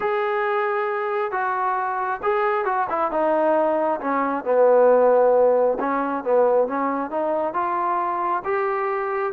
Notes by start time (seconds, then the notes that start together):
0.00 G#4
1.31 F#4
2.22 G#4
2.64 F#4
2.89 E4
3.11 D#4
4.00 C#4
4.44 B3
5.79 C#4
6.24 B3
6.67 C#4
7.10 D#4
7.53 F4
8.44 G4